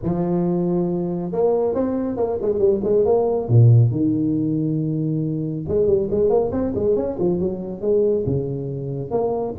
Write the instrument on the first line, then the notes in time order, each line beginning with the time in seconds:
tuba
0.02 F3
1.32 A#3
1.74 C4
2.16 A#3
2.41 G#3
2.58 G3
2.83 G#3
3.05 A#3
3.48 A#2
3.91 D#3
5.67 G#3
5.87 G3
6.10 G#3
6.29 A#3
6.52 C4
6.75 G#3
6.96 C#4
7.19 F3
7.39 F#3
7.81 G#3
8.26 C#3
9.10 A#3